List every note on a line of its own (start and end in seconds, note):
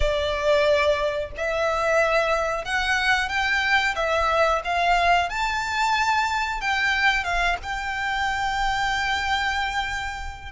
0.00 1.30 D5
1.37 2.64 E5
2.64 3.28 F#5
3.28 3.94 G5
3.95 4.61 E5
4.64 5.29 F5
5.29 6.60 A5
6.60 7.23 G5
7.23 7.56 F5
7.62 10.52 G5